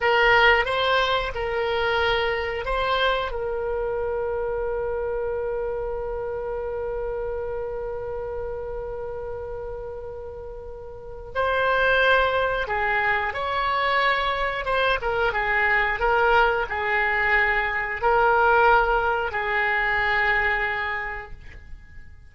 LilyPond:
\new Staff \with { instrumentName = "oboe" } { \time 4/4 \tempo 4 = 90 ais'4 c''4 ais'2 | c''4 ais'2.~ | ais'1~ | ais'1~ |
ais'4 c''2 gis'4 | cis''2 c''8 ais'8 gis'4 | ais'4 gis'2 ais'4~ | ais'4 gis'2. | }